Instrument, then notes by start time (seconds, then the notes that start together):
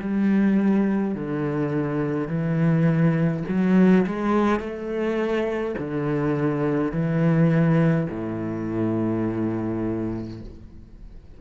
cello
0.00 G3
1.15 D3
2.28 E3
3.48 F#3
4.07 G#3
4.60 A3
5.78 D3
6.92 E3
8.10 A2